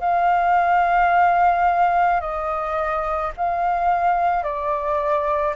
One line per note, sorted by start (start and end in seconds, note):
0.00 2.20 F5
2.20 3.31 D#5
3.37 4.43 F5
4.43 5.55 D5